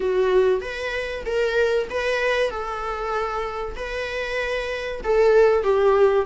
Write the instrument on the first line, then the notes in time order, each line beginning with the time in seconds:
viola
0.00 F#4
0.61 B4
1.25 A#4
1.89 B4
2.50 A4
3.76 B4
5.03 A4
5.63 G4